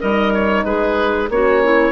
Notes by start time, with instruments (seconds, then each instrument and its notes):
0.00 bassoon G3, horn D#4, clarinet A#4, oboe D#5
0.34 oboe C#5
0.65 bassoon G#3, clarinet G#4, oboe B4
1.29 bassoon A#3, horn C#4, clarinet F#4, oboe C#5
1.64 clarinet E4